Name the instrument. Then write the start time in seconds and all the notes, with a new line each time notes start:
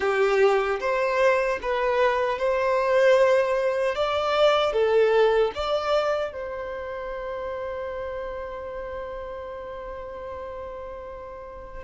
violin
0.00 G4
0.80 C5
1.62 B4
2.38 C5
3.95 D5
4.72 A4
5.54 D5
6.32 C5